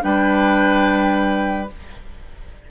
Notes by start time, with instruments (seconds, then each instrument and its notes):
0.00 bassoon G3, clarinet D4, oboe B4, flute G5